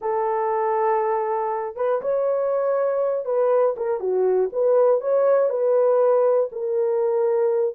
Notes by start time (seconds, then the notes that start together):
0.01 A4
1.76 B4
2.01 C#5
3.25 B4
3.76 A#4
4.00 F#4
4.52 B4
5.00 C#5
5.49 B4
6.52 A#4